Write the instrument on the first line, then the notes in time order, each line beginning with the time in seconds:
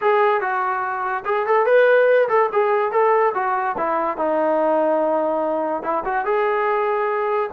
trombone
0.01 G#4
0.40 F#4
1.25 G#4
1.46 A4
1.66 B4
2.28 A4
2.52 G#4
2.91 A4
3.34 F#4
3.77 E4
4.17 D#4
5.83 E4
6.04 F#4
6.25 G#4